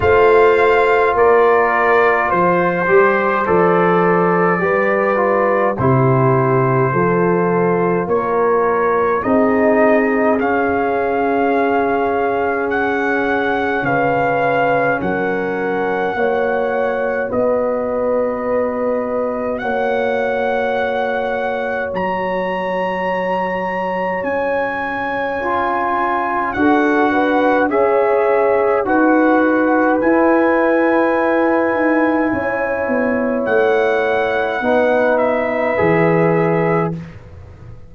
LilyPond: <<
  \new Staff \with { instrumentName = "trumpet" } { \time 4/4 \tempo 4 = 52 f''4 d''4 c''4 d''4~ | d''4 c''2 cis''4 | dis''4 f''2 fis''4 | f''4 fis''2 dis''4~ |
dis''4 fis''2 ais''4~ | ais''4 gis''2 fis''4 | e''4 fis''4 gis''2~ | gis''4 fis''4. e''4. | }
  \new Staff \with { instrumentName = "horn" } { \time 4/4 c''4 ais'4 c''2 | b'4 g'4 a'4 ais'4 | gis'1 | b'4 ais'4 cis''4 b'4~ |
b'4 cis''2.~ | cis''2. a'8 b'8 | cis''4 b'2. | cis''2 b'2 | }
  \new Staff \with { instrumentName = "trombone" } { \time 4/4 f'2~ f'8 g'8 a'4 | g'8 f'8 e'4 f'2 | dis'4 cis'2.~ | cis'2 fis'2~ |
fis'1~ | fis'2 f'4 fis'4 | gis'4 fis'4 e'2~ | e'2 dis'4 gis'4 | }
  \new Staff \with { instrumentName = "tuba" } { \time 4/4 a4 ais4 f8 g8 f4 | g4 c4 f4 ais4 | c'4 cis'2. | cis4 fis4 ais4 b4~ |
b4 ais2 fis4~ | fis4 cis'2 d'4 | cis'4 dis'4 e'4. dis'8 | cis'8 b8 a4 b4 e4 | }
>>